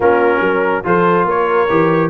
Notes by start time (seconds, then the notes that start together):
0.00 A#3 C#4 F4 A#4
0.40 F#3 A#4
0.84 F3 F4 A4 C5
1.25 A#3 A#4 C#5
1.69 E3 G4